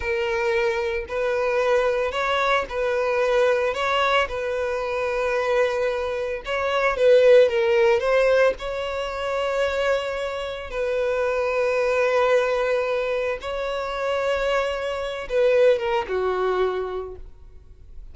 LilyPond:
\new Staff \with { instrumentName = "violin" } { \time 4/4 \tempo 4 = 112 ais'2 b'2 | cis''4 b'2 cis''4 | b'1 | cis''4 b'4 ais'4 c''4 |
cis''1 | b'1~ | b'4 cis''2.~ | cis''8 b'4 ais'8 fis'2 | }